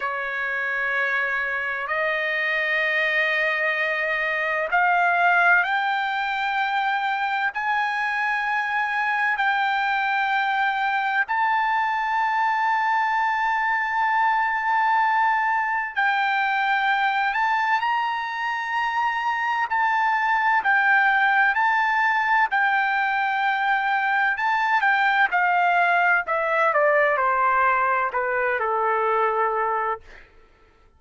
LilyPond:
\new Staff \with { instrumentName = "trumpet" } { \time 4/4 \tempo 4 = 64 cis''2 dis''2~ | dis''4 f''4 g''2 | gis''2 g''2 | a''1~ |
a''4 g''4. a''8 ais''4~ | ais''4 a''4 g''4 a''4 | g''2 a''8 g''8 f''4 | e''8 d''8 c''4 b'8 a'4. | }